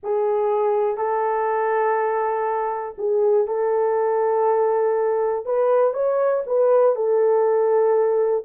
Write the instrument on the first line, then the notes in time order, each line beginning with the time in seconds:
horn
0.03 G#4
0.97 A4
2.98 G#4
3.47 A4
5.45 B4
5.93 C#5
6.46 B4
6.95 A4